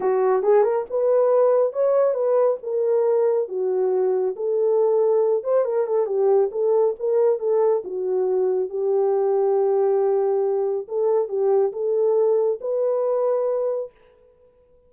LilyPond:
\new Staff \with { instrumentName = "horn" } { \time 4/4 \tempo 4 = 138 fis'4 gis'8 ais'8 b'2 | cis''4 b'4 ais'2 | fis'2 a'2~ | a'8 c''8 ais'8 a'8 g'4 a'4 |
ais'4 a'4 fis'2 | g'1~ | g'4 a'4 g'4 a'4~ | a'4 b'2. | }